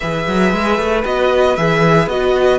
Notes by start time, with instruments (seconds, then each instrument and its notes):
0.00 cello E3, viola G#4, violin B4 E5
0.27 cello F#3
0.52 cello G#3
0.77 cello A3
1.04 cello B3, viola F#4, violin D#5
1.56 cello E3, viola G#4, violin E5
2.07 cello B3, viola F#4, violin D#5